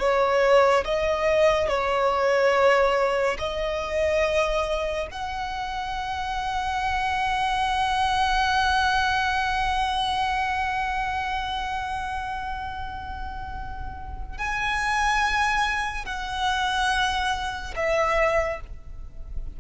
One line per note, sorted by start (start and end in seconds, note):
0.00 0.85 C#5
0.85 1.68 D#5
1.68 3.37 C#5
3.39 5.08 D#5
5.11 14.38 F#5
14.38 16.06 G#5
16.06 17.75 F#5
17.76 18.61 E5